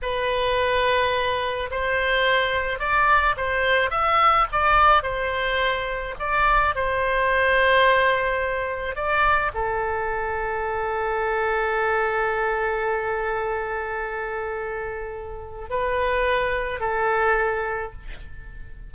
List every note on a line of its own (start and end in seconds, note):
0.02 1.70 B4
1.70 2.79 C5
2.79 3.35 D5
3.36 3.90 C5
3.90 4.46 E5
4.51 5.02 D5
5.02 6.14 C5
6.19 6.75 D5
6.75 8.95 C5
8.95 9.51 D5
9.54 15.69 A4
15.69 16.80 B4
16.80 17.92 A4